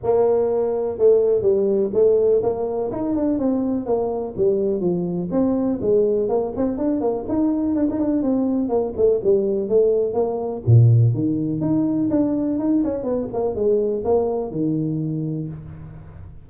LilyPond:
\new Staff \with { instrumentName = "tuba" } { \time 4/4 \tempo 4 = 124 ais2 a4 g4 | a4 ais4 dis'8 d'8 c'4 | ais4 g4 f4 c'4 | gis4 ais8 c'8 d'8 ais8 dis'4 |
d'16 dis'16 d'8 c'4 ais8 a8 g4 | a4 ais4 ais,4 dis4 | dis'4 d'4 dis'8 cis'8 b8 ais8 | gis4 ais4 dis2 | }